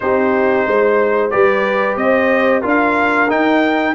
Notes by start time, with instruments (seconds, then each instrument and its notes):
0.00 tuba C4, trombone D#4, horn G4, trumpet C5
0.66 tuba G#3, horn C5
1.30 tuba G3, trombone G4, horn B4, trumpet D5
1.96 tuba C4, horn C5, trumpet D#5
2.61 tuba D4, trombone F4, horn A#4
2.68 trumpet F5
3.29 trombone D#4, tuba D#4, trumpet G5